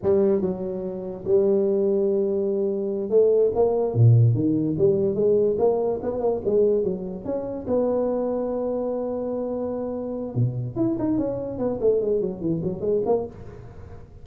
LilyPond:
\new Staff \with { instrumentName = "tuba" } { \time 4/4 \tempo 4 = 145 g4 fis2 g4~ | g2.~ g8 a8~ | a8 ais4 ais,4 dis4 g8~ | g8 gis4 ais4 b8 ais8 gis8~ |
gis8 fis4 cis'4 b4.~ | b1~ | b4 b,4 e'8 dis'8 cis'4 | b8 a8 gis8 fis8 e8 fis8 gis8 ais8 | }